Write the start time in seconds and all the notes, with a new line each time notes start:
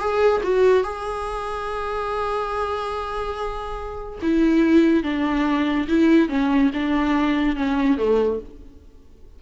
0.00 G#4
0.43 F#4
0.84 G#4
4.22 E4
5.03 D4
5.89 E4
6.29 C#4
6.74 D4
7.56 C#4
7.98 A3